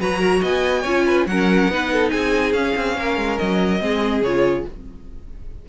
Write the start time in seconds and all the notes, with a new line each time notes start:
0.00 F#3 F#4 B4 A#5
0.19 A#4
0.42 B3 D#5 G#5
0.82 C#4 F4 C#5
1.06 B4
1.27 F#3 C#4 A#4 F#5
1.69 B3 D#4 B4
1.93 A4
2.11 C4 G#4 G#5
2.53 C#4 F5
2.76 C4
2.97 A#3 A#4
3.17 G#3
3.38 F#3 D#5
3.80 G#3 C4 G#4
4.23 C#3 F4 C#5